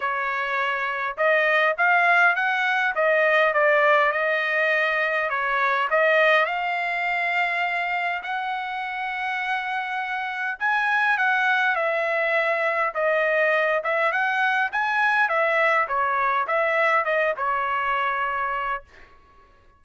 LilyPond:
\new Staff \with { instrumentName = "trumpet" } { \time 4/4 \tempo 4 = 102 cis''2 dis''4 f''4 | fis''4 dis''4 d''4 dis''4~ | dis''4 cis''4 dis''4 f''4~ | f''2 fis''2~ |
fis''2 gis''4 fis''4 | e''2 dis''4. e''8 | fis''4 gis''4 e''4 cis''4 | e''4 dis''8 cis''2~ cis''8 | }